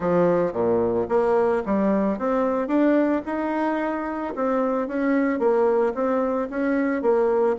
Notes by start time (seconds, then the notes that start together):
0.00 F3
0.52 A#2
1.08 A#3
1.65 G3
2.18 C4
2.67 D4
3.25 D#4
4.35 C4
4.87 C#4
5.39 A#3
5.94 C4
6.50 C#4
7.02 A#3